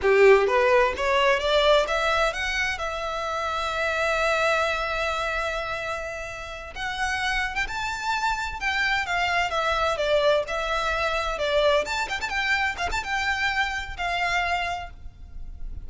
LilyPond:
\new Staff \with { instrumentName = "violin" } { \time 4/4 \tempo 4 = 129 g'4 b'4 cis''4 d''4 | e''4 fis''4 e''2~ | e''1~ | e''2~ e''8 fis''4.~ |
fis''16 g''16 a''2 g''4 f''8~ | f''8 e''4 d''4 e''4.~ | e''8 d''4 a''8 g''16 a''16 g''4 f''16 a''16 | g''2 f''2 | }